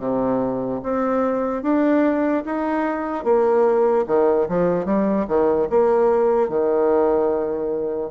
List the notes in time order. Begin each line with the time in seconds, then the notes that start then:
0.00 C3
0.84 C4
1.63 D4
2.46 D#4
3.25 A#3
4.07 D#3
4.49 F3
4.86 G3
5.29 D#3
5.71 A#3
6.49 D#3